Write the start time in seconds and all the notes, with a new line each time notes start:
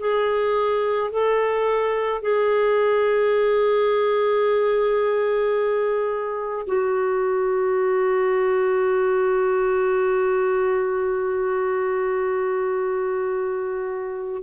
0.00 G#4
1.11 A4
2.22 G#4
6.67 F#4